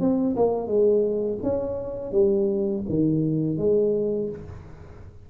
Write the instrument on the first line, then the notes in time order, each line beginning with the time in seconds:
tuba
0.00 C4
0.36 A#3
0.67 G#3
1.43 C#4
2.12 G3
2.89 D#3
3.58 G#3